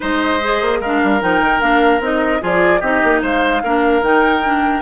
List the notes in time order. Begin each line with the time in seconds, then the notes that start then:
0.00 G#3 D#4 C5 D#5
0.43 G#4
0.61 A#3
0.80 G#3 D4 A#4 F5
1.03 G3
1.20 F3 D#4 G5
1.40 D#3
1.60 A#3 D4 F5
2.00 C4 D#4 D#5
2.40 F3 F4 G#4 D5
2.80 C4 D#4 G4 D#5
3.03 A#3
3.22 G#3 C5 F5
3.63 A#3 D4 A#4
4.01 D#3 D#4 G5
4.43 D4